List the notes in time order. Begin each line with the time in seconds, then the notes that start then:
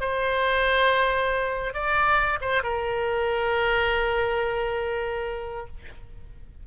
0.00 C5
1.74 D5
2.41 C5
2.62 A#4